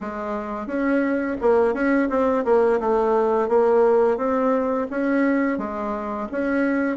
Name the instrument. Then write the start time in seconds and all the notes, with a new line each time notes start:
bassoon
0.00 G#3
0.67 C#4
1.41 A#3
1.74 C#4
2.09 C4
2.44 A#3
2.80 A3
3.48 A#3
4.17 C4
4.90 C#4
5.58 G#3
6.31 C#4